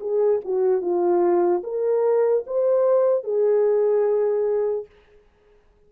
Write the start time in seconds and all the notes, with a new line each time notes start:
0.00 G#4
0.44 F#4
0.81 F4
1.63 A#4
2.47 C5
3.24 G#4